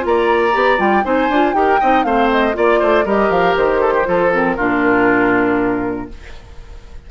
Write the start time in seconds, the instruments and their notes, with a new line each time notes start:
0.00 bassoon A#3, clarinet F4
0.06 oboe D5, flute A#5
0.53 bassoon B3, clarinet G4
0.78 bassoon G3, clarinet F4, flute G5
1.04 bassoon C4, clarinet D#4, oboe C5, flute G#5
1.29 bassoon D4, clarinet F4
1.53 bassoon D#4, clarinet G4, oboe A#4, flute G5
1.81 bassoon C4, clarinet D#4, oboe D#5
2.04 bassoon A3, clarinet C4, oboe C5, flute F5
2.32 flute D#5
2.54 bassoon A#3, clarinet F4, oboe D5, flute D5
2.80 bassoon A3, oboe C5
3.05 bassoon G3, clarinet G4, oboe A#4, flute D#5
3.30 bassoon F3, flute F5
3.57 bassoon D#3, flute C5
3.81 oboe A4
3.94 oboe G4
4.06 bassoon F3, clarinet F4, oboe A4
4.32 clarinet C4, flute A#4
4.57 bassoon A#2, clarinet D4, oboe F4